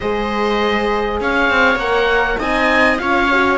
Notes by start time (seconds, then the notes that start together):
0.00 G#3 G#4 C5 D#5
1.20 C#4 C#5 F5
1.50 C4
1.75 A#3 A#4 F#5
2.38 C4 D#4 D#5 G#5
2.98 C#4 F4 C#5 F5
3.32 F#4